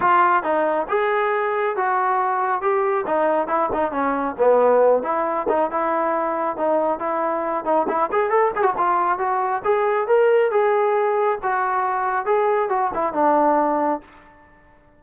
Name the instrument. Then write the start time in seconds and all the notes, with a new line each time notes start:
trombone
0.00 F4
0.43 D#4
0.89 G#4
1.76 F#4
2.61 G4
3.06 D#4
3.47 E4
3.72 D#4
3.91 C#4
4.38 B3
5.02 E4
5.48 D#4
5.70 E4
6.57 D#4
6.99 E4
7.64 D#4
7.88 E4
8.12 G#4
8.30 A4
8.55 G#4
8.62 F#4
8.77 F4
9.18 F#4
9.64 G#4
10.07 A#4
10.51 G#4
11.42 F#4
12.25 G#4
12.69 F#4
12.93 E4
13.13 D4